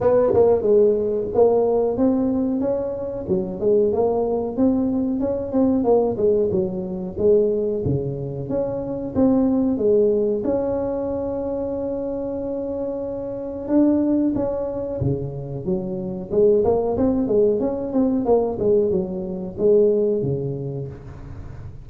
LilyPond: \new Staff \with { instrumentName = "tuba" } { \time 4/4 \tempo 4 = 92 b8 ais8 gis4 ais4 c'4 | cis'4 fis8 gis8 ais4 c'4 | cis'8 c'8 ais8 gis8 fis4 gis4 | cis4 cis'4 c'4 gis4 |
cis'1~ | cis'4 d'4 cis'4 cis4 | fis4 gis8 ais8 c'8 gis8 cis'8 c'8 | ais8 gis8 fis4 gis4 cis4 | }